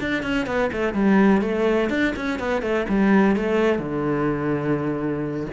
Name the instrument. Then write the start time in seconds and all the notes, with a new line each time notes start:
cello
0.00 D4
0.22 C#4
0.46 B3
0.72 A3
0.93 G3
1.41 A3
1.89 D4
2.16 C#4
2.39 B3
2.62 A3
2.89 G3
3.35 A3
3.78 D3